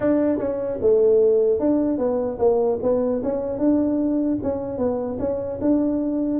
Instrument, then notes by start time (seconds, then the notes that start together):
tuba
0.00 D4
0.38 C#4
0.81 A3
1.59 D4
1.97 B3
2.39 A#3
2.82 B3
3.23 C#4
3.58 D4
4.42 C#4
4.77 B3
5.19 C#4
5.61 D4